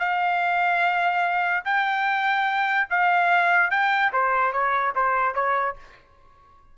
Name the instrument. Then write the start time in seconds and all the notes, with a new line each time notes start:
trumpet
0.00 F5
1.65 G5
2.90 F5
3.71 G5
4.13 C5
4.53 C#5
4.96 C5
5.35 C#5